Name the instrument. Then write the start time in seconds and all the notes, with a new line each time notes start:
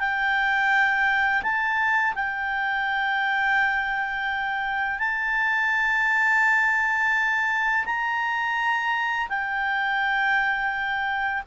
clarinet
0.00 G5
1.43 A5
2.15 G5
4.99 A5
7.86 A#5
9.29 G5